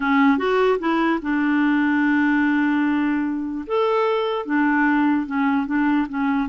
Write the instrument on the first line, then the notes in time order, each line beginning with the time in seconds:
clarinet
0.00 C#4
0.38 F#4
0.79 E4
1.22 D4
3.66 A4
4.45 D4
5.26 C#4
5.66 D4
6.08 C#4